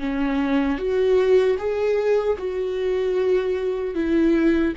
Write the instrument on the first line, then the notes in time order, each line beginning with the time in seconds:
viola
0.00 C#4
0.79 F#4
1.59 G#4
2.39 F#4
3.95 E4